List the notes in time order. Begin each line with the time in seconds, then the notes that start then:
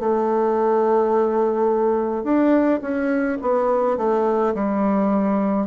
0.00 A3
2.24 D4
2.81 C#4
3.42 B3
3.97 A3
4.54 G3